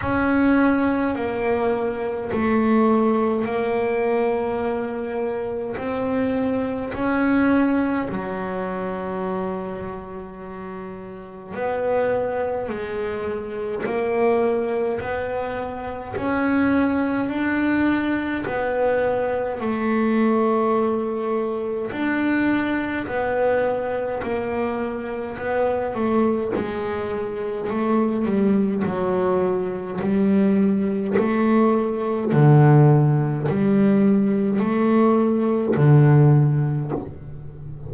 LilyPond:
\new Staff \with { instrumentName = "double bass" } { \time 4/4 \tempo 4 = 52 cis'4 ais4 a4 ais4~ | ais4 c'4 cis'4 fis4~ | fis2 b4 gis4 | ais4 b4 cis'4 d'4 |
b4 a2 d'4 | b4 ais4 b8 a8 gis4 | a8 g8 fis4 g4 a4 | d4 g4 a4 d4 | }